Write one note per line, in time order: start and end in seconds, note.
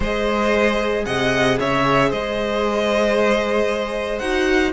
0.00 1.05 G#3
0.00 4.19 G#4
0.00 1.04 C5
0.00 1.05 D#5
1.05 1.58 C3
1.05 1.59 D#5
1.05 1.57 F#5
1.59 2.12 C#3
1.59 2.09 C#5
1.59 2.12 E5
2.09 4.20 G#3
2.09 4.72 C5
2.09 4.19 D#5
4.19 4.72 D#4
4.19 4.72 F#4
4.19 4.71 F#5